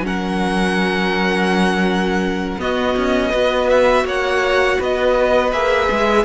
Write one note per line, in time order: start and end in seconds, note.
0.00 2.56 F#3
0.00 2.59 C#4
0.00 2.60 F#5
0.06 2.60 A#4
2.59 2.95 B3
2.59 3.32 B3
2.59 3.29 F#4
2.59 3.70 D#5
2.96 3.33 C#4
3.29 4.04 B3
3.29 5.51 F#4
3.29 4.02 B4
3.70 4.06 E5
4.04 4.78 A#3
4.04 4.78 C#5
4.04 4.81 F#5
4.78 5.52 B3
4.78 6.25 B4
4.78 5.52 D#5
5.52 5.89 A#3
5.52 6.25 G#4
5.52 6.25 E5
5.91 6.25 G#3